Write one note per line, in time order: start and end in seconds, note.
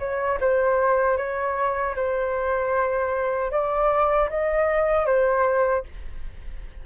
0.00 0.39 C#5
0.41 1.18 C5
1.18 1.96 C#5
1.96 3.52 C5
3.52 4.30 D5
4.30 5.06 D#5
5.06 5.84 C5